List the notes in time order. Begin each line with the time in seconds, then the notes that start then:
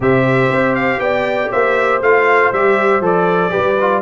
0.00 C3 G4 C5 E5
0.50 C4
0.75 F5
0.99 B3 D5 G5
1.51 A#3 C5 E5
2.01 A3 F4 F5
2.52 G3 G4 E5
3.00 F3 A4 D5
3.50 G4 B4
3.56 G3
3.80 F4